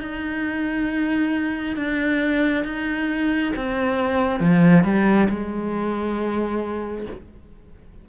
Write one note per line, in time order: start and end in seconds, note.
0.00 1.76 D#4
1.76 2.65 D4
2.65 3.53 D#4
3.56 4.40 C4
4.40 4.84 F3
4.84 5.28 G3
5.29 7.06 G#3